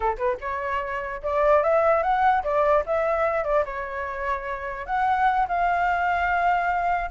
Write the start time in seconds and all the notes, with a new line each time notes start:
0.00 A4
0.17 B4
0.41 C#5
1.22 D5
1.63 E5
2.03 F#5
2.43 D5
2.86 E5
3.43 D5
3.65 C#5
4.85 F#5
5.48 F5